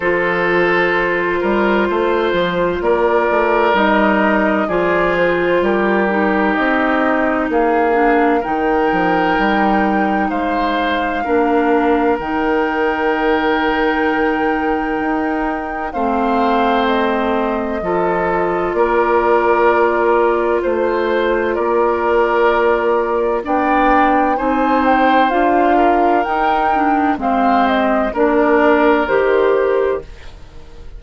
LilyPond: <<
  \new Staff \with { instrumentName = "flute" } { \time 4/4 \tempo 4 = 64 c''2. d''4 | dis''4 d''8 c''8 ais'4 dis''4 | f''4 g''2 f''4~ | f''4 g''2.~ |
g''4 f''4 dis''2 | d''2 c''4 d''4~ | d''4 g''4 gis''8 g''8 f''4 | g''4 f''8 dis''8 d''4 c''4 | }
  \new Staff \with { instrumentName = "oboe" } { \time 4/4 a'4. ais'8 c''4 ais'4~ | ais'4 gis'4 g'2 | gis'4 ais'2 c''4 | ais'1~ |
ais'4 c''2 a'4 | ais'2 c''4 ais'4~ | ais'4 d''4 c''4. ais'8~ | ais'4 c''4 ais'2 | }
  \new Staff \with { instrumentName = "clarinet" } { \time 4/4 f'1 | dis'4 f'4. dis'4.~ | dis'8 d'8 dis'2. | d'4 dis'2.~ |
dis'4 c'2 f'4~ | f'1~ | f'4 d'4 dis'4 f'4 | dis'8 d'8 c'4 d'4 g'4 | }
  \new Staff \with { instrumentName = "bassoon" } { \time 4/4 f4. g8 a8 f8 ais8 a8 | g4 f4 g4 c'4 | ais4 dis8 f8 g4 gis4 | ais4 dis2. |
dis'4 a2 f4 | ais2 a4 ais4~ | ais4 b4 c'4 d'4 | dis'4 gis4 ais4 dis4 | }
>>